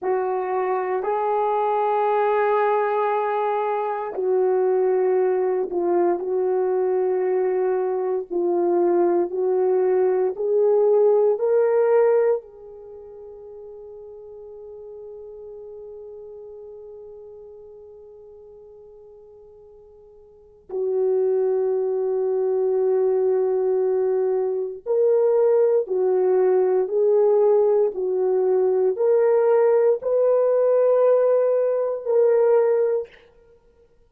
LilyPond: \new Staff \with { instrumentName = "horn" } { \time 4/4 \tempo 4 = 58 fis'4 gis'2. | fis'4. f'8 fis'2 | f'4 fis'4 gis'4 ais'4 | gis'1~ |
gis'1 | fis'1 | ais'4 fis'4 gis'4 fis'4 | ais'4 b'2 ais'4 | }